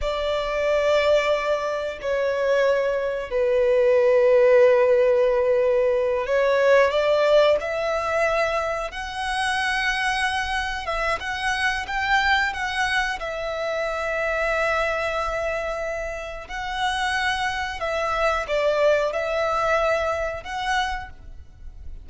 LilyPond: \new Staff \with { instrumentName = "violin" } { \time 4/4 \tempo 4 = 91 d''2. cis''4~ | cis''4 b'2.~ | b'4. cis''4 d''4 e''8~ | e''4. fis''2~ fis''8~ |
fis''8 e''8 fis''4 g''4 fis''4 | e''1~ | e''4 fis''2 e''4 | d''4 e''2 fis''4 | }